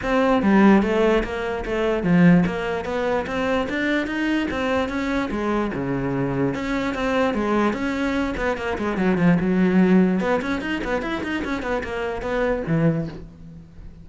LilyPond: \new Staff \with { instrumentName = "cello" } { \time 4/4 \tempo 4 = 147 c'4 g4 a4 ais4 | a4 f4 ais4 b4 | c'4 d'4 dis'4 c'4 | cis'4 gis4 cis2 |
cis'4 c'4 gis4 cis'4~ | cis'8 b8 ais8 gis8 fis8 f8 fis4~ | fis4 b8 cis'8 dis'8 b8 e'8 dis'8 | cis'8 b8 ais4 b4 e4 | }